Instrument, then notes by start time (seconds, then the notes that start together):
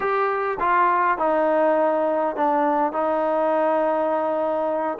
trombone
0.00 G4
0.60 F4
1.18 D#4
2.36 D4
2.92 D#4